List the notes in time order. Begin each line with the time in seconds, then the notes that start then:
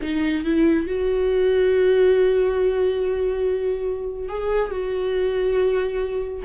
0.01 D#4
0.44 E4
0.86 F#4
4.28 G#4
4.70 F#4